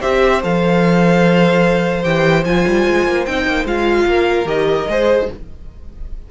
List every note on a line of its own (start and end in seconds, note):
0.00 0.44 C4
0.00 0.42 G4
0.00 4.05 C5
0.00 0.42 E5
0.42 2.05 F3
0.42 2.04 A4
0.42 2.04 F5
2.04 2.45 E3
2.04 2.44 G4
2.04 2.44 G5
2.45 2.65 F3
2.45 3.27 F4
2.45 3.26 G#5
2.68 2.87 G3
2.87 3.07 G#3
3.07 3.27 A#3
3.26 3.47 C4
3.26 3.67 D#4
3.26 3.66 G5
3.47 3.65 A#3
3.65 4.05 G#3
3.65 4.46 F4
3.65 4.48 F5
4.06 4.45 A#3
4.06 4.91 A#4
4.45 4.86 D#3
4.45 4.87 G4
4.45 5.29 D#5
4.88 5.29 G#3
4.88 5.30 G#4
4.88 5.31 C5